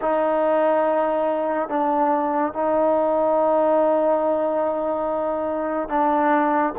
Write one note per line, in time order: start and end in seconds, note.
0.01 1.68 D#4
1.68 2.53 D4
2.53 5.88 D#4
5.88 6.73 D4